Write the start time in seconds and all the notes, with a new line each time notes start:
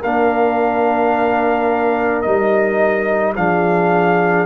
0.00 A#3 D4 A#4 F5
2.22 G3 D#4 D#5
3.36 F3 D4 G#4 F5